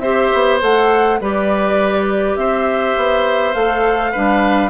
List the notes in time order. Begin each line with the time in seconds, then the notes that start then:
0.00 C4 G4 C5 E5
0.34 B3
0.61 A3 A4 F#5
1.21 G3 G4 B4 D5
2.37 C4 C5 E5
2.97 B3
3.54 A3 A4 F5
4.12 G3 D4 B4